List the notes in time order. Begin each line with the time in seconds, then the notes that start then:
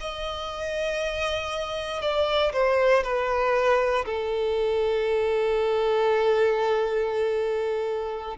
0.00 D#5
2.01 D5
2.52 C5
3.03 B4
4.05 A4